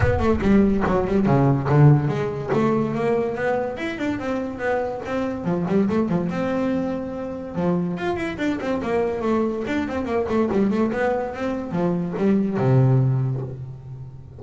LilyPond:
\new Staff \with { instrumentName = "double bass" } { \time 4/4 \tempo 4 = 143 b8 a8 g4 fis8 g8 cis4 | d4 gis4 a4 ais4 | b4 e'8 d'8 c'4 b4 | c'4 f8 g8 a8 f8 c'4~ |
c'2 f4 f'8 e'8 | d'8 c'8 ais4 a4 d'8 c'8 | ais8 a8 g8 a8 b4 c'4 | f4 g4 c2 | }